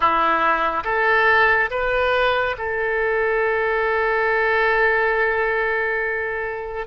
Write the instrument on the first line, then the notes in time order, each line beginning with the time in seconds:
oboe
0.00 E4
0.84 A4
1.70 B4
2.58 A4